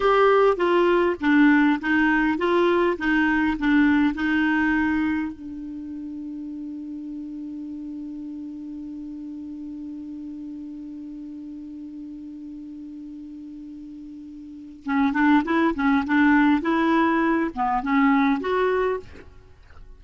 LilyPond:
\new Staff \with { instrumentName = "clarinet" } { \time 4/4 \tempo 4 = 101 g'4 f'4 d'4 dis'4 | f'4 dis'4 d'4 dis'4~ | dis'4 d'2.~ | d'1~ |
d'1~ | d'1~ | d'4 cis'8 d'8 e'8 cis'8 d'4 | e'4. b8 cis'4 fis'4 | }